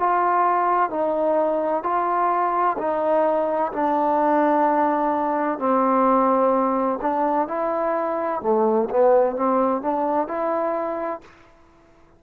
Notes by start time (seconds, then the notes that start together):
0.00 F4
0.90 D#4
1.84 F4
2.79 D#4
3.73 D4
5.59 C4
7.02 D4
7.48 E4
8.42 A3
8.91 B3
9.36 C4
9.82 D4
10.28 E4